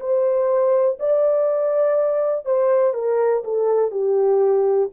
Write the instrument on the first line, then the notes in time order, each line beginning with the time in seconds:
horn
0.00 C5
1.00 D5
2.46 C5
2.94 A#4
3.45 A4
3.92 G4